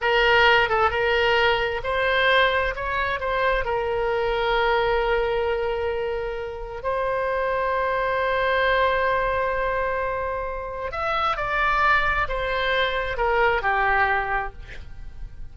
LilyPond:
\new Staff \with { instrumentName = "oboe" } { \time 4/4 \tempo 4 = 132 ais'4. a'8 ais'2 | c''2 cis''4 c''4 | ais'1~ | ais'2. c''4~ |
c''1~ | c''1 | e''4 d''2 c''4~ | c''4 ais'4 g'2 | }